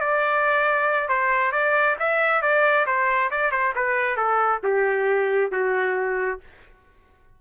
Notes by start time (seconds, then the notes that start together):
0.00 D5
1.08 C5
1.52 D5
2.00 E5
2.42 D5
2.86 C5
3.30 D5
3.51 C5
3.75 B4
4.17 A4
4.63 G4
5.51 F#4